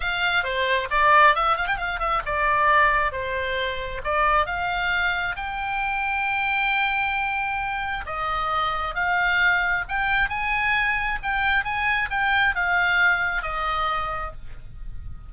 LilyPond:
\new Staff \with { instrumentName = "oboe" } { \time 4/4 \tempo 4 = 134 f''4 c''4 d''4 e''8 f''16 g''16 | f''8 e''8 d''2 c''4~ | c''4 d''4 f''2 | g''1~ |
g''2 dis''2 | f''2 g''4 gis''4~ | gis''4 g''4 gis''4 g''4 | f''2 dis''2 | }